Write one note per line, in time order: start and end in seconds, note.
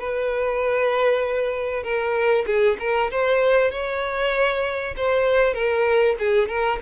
0.00 1.84 B4
1.84 2.45 A#4
2.47 2.78 G#4
2.80 3.11 A#4
3.11 3.71 C5
3.71 4.95 C#5
4.97 5.54 C5
5.54 6.16 A#4
6.19 6.48 G#4
6.48 6.79 A#4